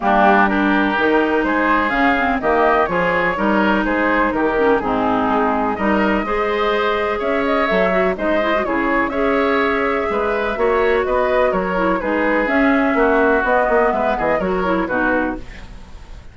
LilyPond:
<<
  \new Staff \with { instrumentName = "flute" } { \time 4/4 \tempo 4 = 125 g'4 ais'2 c''4 | f''4 dis''4 cis''2 | c''4 ais'4 gis'2 | dis''2. e''8 dis''8 |
e''4 dis''4 cis''4 e''4~ | e''2. dis''4 | cis''4 b'4 e''2 | dis''4 e''8 dis''8 cis''4 b'4 | }
  \new Staff \with { instrumentName = "oboe" } { \time 4/4 d'4 g'2 gis'4~ | gis'4 g'4 gis'4 ais'4 | gis'4 g'4 dis'2 | ais'4 c''2 cis''4~ |
cis''4 c''4 gis'4 cis''4~ | cis''4 b'4 cis''4 b'4 | ais'4 gis'2 fis'4~ | fis'4 b'8 gis'8 ais'4 fis'4 | }
  \new Staff \with { instrumentName = "clarinet" } { \time 4/4 ais4 d'4 dis'2 | cis'8 c'8 ais4 f'4 dis'4~ | dis'4. cis'8 c'2 | dis'4 gis'2. |
a'8 fis'8 dis'8 e'16 fis'16 e'4 gis'4~ | gis'2 fis'2~ | fis'8 e'8 dis'4 cis'2 | b2 fis'8 e'8 dis'4 | }
  \new Staff \with { instrumentName = "bassoon" } { \time 4/4 g2 dis4 gis4 | cis4 dis4 f4 g4 | gis4 dis4 gis,4 gis4 | g4 gis2 cis'4 |
fis4 gis4 cis4 cis'4~ | cis'4 gis4 ais4 b4 | fis4 gis4 cis'4 ais4 | b8 ais8 gis8 e8 fis4 b,4 | }
>>